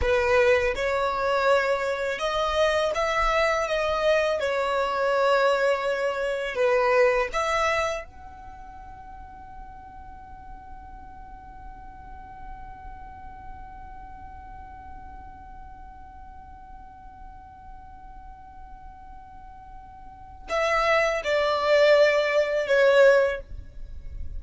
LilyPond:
\new Staff \with { instrumentName = "violin" } { \time 4/4 \tempo 4 = 82 b'4 cis''2 dis''4 | e''4 dis''4 cis''2~ | cis''4 b'4 e''4 fis''4~ | fis''1~ |
fis''1~ | fis''1~ | fis''1 | e''4 d''2 cis''4 | }